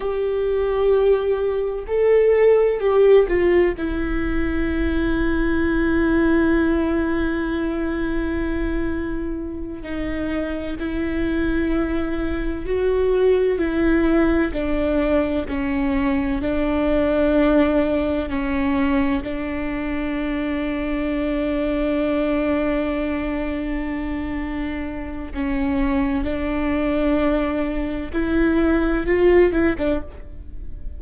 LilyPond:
\new Staff \with { instrumentName = "viola" } { \time 4/4 \tempo 4 = 64 g'2 a'4 g'8 f'8 | e'1~ | e'2~ e'8 dis'4 e'8~ | e'4. fis'4 e'4 d'8~ |
d'8 cis'4 d'2 cis'8~ | cis'8 d'2.~ d'8~ | d'2. cis'4 | d'2 e'4 f'8 e'16 d'16 | }